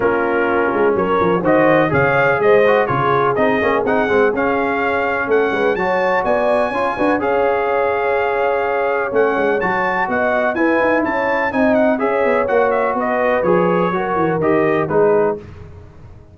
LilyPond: <<
  \new Staff \with { instrumentName = "trumpet" } { \time 4/4 \tempo 4 = 125 ais'2 cis''4 dis''4 | f''4 dis''4 cis''4 dis''4 | fis''4 f''2 fis''4 | a''4 gis''2 f''4~ |
f''2. fis''4 | a''4 fis''4 gis''4 a''4 | gis''8 fis''8 e''4 fis''8 e''8 dis''4 | cis''2 dis''4 b'4 | }
  \new Staff \with { instrumentName = "horn" } { \time 4/4 f'2 ais'4 c''4 | cis''4 c''4 gis'2~ | gis'2. a'8 b'8 | cis''4 d''4 cis''8 b'8 cis''4~ |
cis''1~ | cis''4 dis''4 b'4 cis''4 | dis''4 cis''2 b'4~ | b'4 ais'2 gis'4 | }
  \new Staff \with { instrumentName = "trombone" } { \time 4/4 cis'2. fis'4 | gis'4. fis'8 f'4 dis'8 cis'8 | dis'8 c'8 cis'2. | fis'2 f'8 fis'8 gis'4~ |
gis'2. cis'4 | fis'2 e'2 | dis'4 gis'4 fis'2 | gis'4 fis'4 g'4 dis'4 | }
  \new Staff \with { instrumentName = "tuba" } { \time 4/4 ais4. gis8 fis8 f8 dis4 | cis4 gis4 cis4 c'8 ais8 | c'8 gis8 cis'2 a8 gis8 | fis4 b4 cis'8 d'8 cis'4~ |
cis'2. a8 gis8 | fis4 b4 e'8 dis'8 cis'4 | c'4 cis'8 b8 ais4 b4 | f4 fis8 e8 dis4 gis4 | }
>>